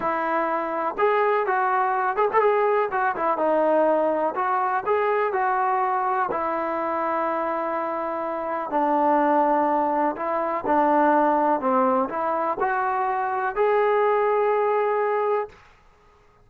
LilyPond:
\new Staff \with { instrumentName = "trombone" } { \time 4/4 \tempo 4 = 124 e'2 gis'4 fis'4~ | fis'8 gis'16 a'16 gis'4 fis'8 e'8 dis'4~ | dis'4 fis'4 gis'4 fis'4~ | fis'4 e'2.~ |
e'2 d'2~ | d'4 e'4 d'2 | c'4 e'4 fis'2 | gis'1 | }